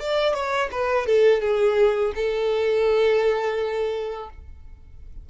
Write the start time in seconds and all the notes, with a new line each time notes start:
0.00 D5
0.34 C#5
0.72 B4
1.07 A4
1.42 G#4
2.16 A4